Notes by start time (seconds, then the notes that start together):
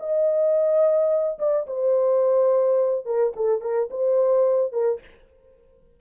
0.00 D#5
1.39 D5
1.67 C5
3.06 A#4
3.36 A4
3.62 A#4
3.91 C5
4.73 A#4